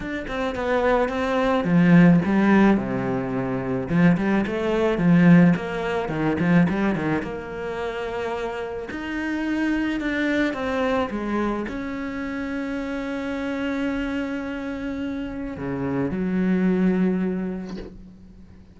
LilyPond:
\new Staff \with { instrumentName = "cello" } { \time 4/4 \tempo 4 = 108 d'8 c'8 b4 c'4 f4 | g4 c2 f8 g8 | a4 f4 ais4 dis8 f8 | g8 dis8 ais2. |
dis'2 d'4 c'4 | gis4 cis'2.~ | cis'1 | cis4 fis2. | }